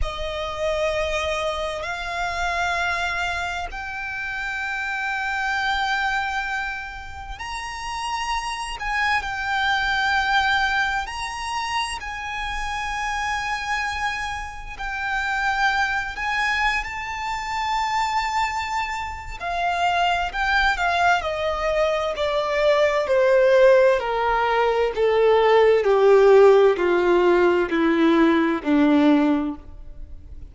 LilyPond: \new Staff \with { instrumentName = "violin" } { \time 4/4 \tempo 4 = 65 dis''2 f''2 | g''1 | ais''4. gis''8 g''2 | ais''4 gis''2. |
g''4. gis''8. a''4.~ a''16~ | a''4 f''4 g''8 f''8 dis''4 | d''4 c''4 ais'4 a'4 | g'4 f'4 e'4 d'4 | }